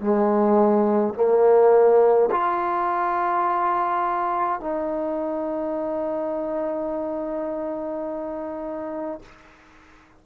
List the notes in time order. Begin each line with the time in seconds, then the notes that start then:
0.00 G#3
1.14 A#3
2.31 F4
4.60 D#4